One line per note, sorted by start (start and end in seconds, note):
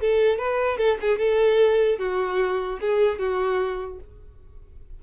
0.00 0.38 A4
0.38 0.77 B4
0.77 0.98 A4
1.01 1.18 G#4
1.18 1.99 A4
1.99 2.79 F#4
2.80 3.18 G#4
3.18 3.99 F#4